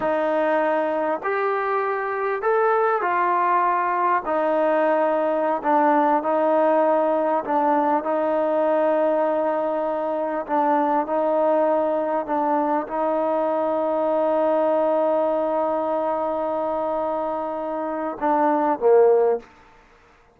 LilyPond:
\new Staff \with { instrumentName = "trombone" } { \time 4/4 \tempo 4 = 99 dis'2 g'2 | a'4 f'2 dis'4~ | dis'4~ dis'16 d'4 dis'4.~ dis'16~ | dis'16 d'4 dis'2~ dis'8.~ |
dis'4~ dis'16 d'4 dis'4.~ dis'16~ | dis'16 d'4 dis'2~ dis'8.~ | dis'1~ | dis'2 d'4 ais4 | }